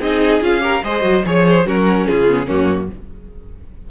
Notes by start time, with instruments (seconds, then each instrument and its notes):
0.00 cello C4, viola D#4, violin G#4 D#5
0.42 cello C#4, viola F4, violin F5
0.60 viola G4, violin A#4
0.83 cello G#3, viola G#4, violin C5 D#5
1.02 cello F#3, viola F#4
1.26 cello F3, viola G#4, violin C#5
1.48 violin C5
1.66 cello F#3, viola C#4, violin F#4 A#4
2.07 cello C#3, violin F4 G#4
2.29 viola B3
2.46 cello F#2, viola A#3, violin C#4 F#4